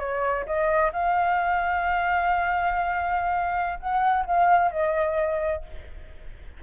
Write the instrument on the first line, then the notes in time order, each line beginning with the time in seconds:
flute
0.00 C#5
0.46 D#5
0.93 F5
3.80 F#5
4.26 F5
4.72 D#5